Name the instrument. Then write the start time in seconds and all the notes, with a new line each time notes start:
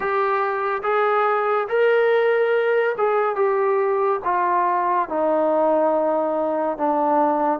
trombone
0.00 G4
0.83 G#4
1.68 A#4
2.97 G#4
3.35 G4
4.24 F4
5.09 D#4
6.77 D4